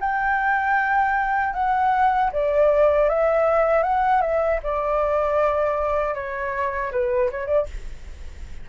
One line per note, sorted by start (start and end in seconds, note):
0.00 1.53 G5
1.53 2.30 F#5
2.32 3.09 D5
3.09 3.83 E5
3.83 4.21 F#5
4.21 4.60 E5
4.63 6.15 D5
6.15 6.92 C#5
6.92 7.30 B4
7.31 7.47 C#5
7.47 7.66 D5